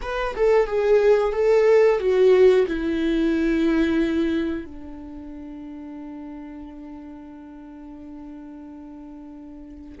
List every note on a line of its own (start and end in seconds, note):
0.01 0.35 B4
0.36 0.66 A4
0.66 1.32 G#4
1.32 1.99 A4
1.99 2.65 F#4
2.67 4.65 E4
4.65 9.98 D4